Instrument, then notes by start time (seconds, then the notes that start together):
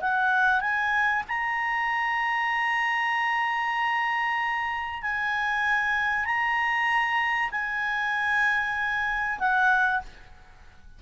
clarinet
0.00 F#5
0.61 G#5
1.28 A#5
5.02 G#5
6.25 A#5
7.51 G#5
9.39 F#5